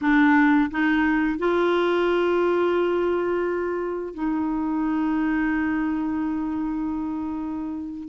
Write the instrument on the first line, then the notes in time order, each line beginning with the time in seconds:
clarinet
0.01 D4
0.70 D#4
1.38 F4
4.14 D#4